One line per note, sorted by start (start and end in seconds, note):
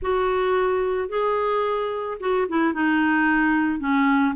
0.02 1.09 F#4
1.09 2.18 G#4
2.20 2.47 F#4
2.48 2.73 E4
2.73 3.79 D#4
3.79 4.34 C#4